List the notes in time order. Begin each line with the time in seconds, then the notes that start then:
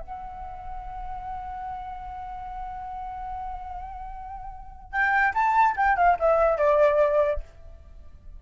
0.00 F#5
4.92 G5
5.34 A5
5.77 G5
5.97 F5
6.19 E5
6.58 D5